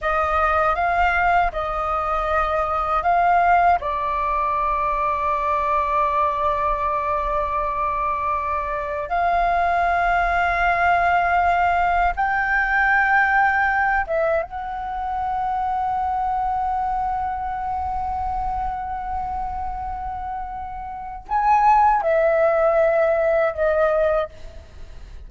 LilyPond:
\new Staff \with { instrumentName = "flute" } { \time 4/4 \tempo 4 = 79 dis''4 f''4 dis''2 | f''4 d''2.~ | d''1 | f''1 |
g''2~ g''8 e''8 fis''4~ | fis''1~ | fis''1 | gis''4 e''2 dis''4 | }